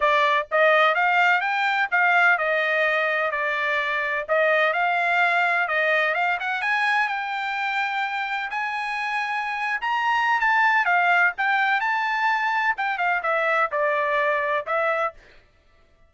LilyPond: \new Staff \with { instrumentName = "trumpet" } { \time 4/4 \tempo 4 = 127 d''4 dis''4 f''4 g''4 | f''4 dis''2 d''4~ | d''4 dis''4 f''2 | dis''4 f''8 fis''8 gis''4 g''4~ |
g''2 gis''2~ | gis''8. ais''4~ ais''16 a''4 f''4 | g''4 a''2 g''8 f''8 | e''4 d''2 e''4 | }